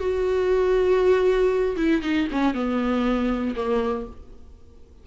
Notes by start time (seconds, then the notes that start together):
0.00 F#4
1.77 E4
2.02 D#4
2.32 C#4
2.54 B3
3.56 A#3